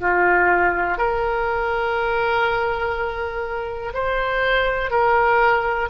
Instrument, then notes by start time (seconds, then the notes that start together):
oboe
0.00 F4
0.98 A#4
3.94 C5
4.91 A#4